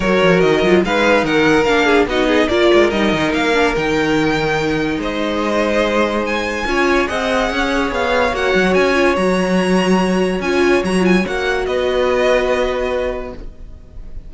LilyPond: <<
  \new Staff \with { instrumentName = "violin" } { \time 4/4 \tempo 4 = 144 cis''4 dis''4 f''4 fis''4 | f''4 dis''4 d''4 dis''4 | f''4 g''2. | dis''2. gis''4~ |
gis''4 fis''2 f''4 | fis''4 gis''4 ais''2~ | ais''4 gis''4 ais''8 gis''8 fis''4 | dis''1 | }
  \new Staff \with { instrumentName = "violin" } { \time 4/4 ais'2 b'4 ais'4~ | ais'8 gis'8 fis'8 gis'8 ais'2~ | ais'1 | c''1 |
cis''4 dis''4 cis''2~ | cis''1~ | cis''1 | b'1 | }
  \new Staff \with { instrumentName = "viola" } { \time 4/4 fis'4. f'8 dis'2 | d'4 dis'4 f'4 dis'4~ | dis'8 d'8 dis'2.~ | dis'1 |
f'4 gis'2. | fis'4. f'8 fis'2~ | fis'4 f'4 fis'8 f'8 fis'4~ | fis'1 | }
  \new Staff \with { instrumentName = "cello" } { \time 4/4 fis8 f8 dis8 fis8 gis4 dis4 | ais4 b4 ais8 gis8 g8 dis8 | ais4 dis2. | gis1 |
cis'4 c'4 cis'4 b4 | ais8 fis8 cis'4 fis2~ | fis4 cis'4 fis4 ais4 | b1 | }
>>